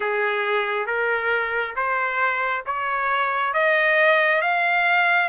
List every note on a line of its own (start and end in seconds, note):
0.00 0.86 G#4
0.86 1.74 A#4
1.76 2.64 C5
2.66 3.53 C#5
3.53 4.41 D#5
4.41 5.29 F5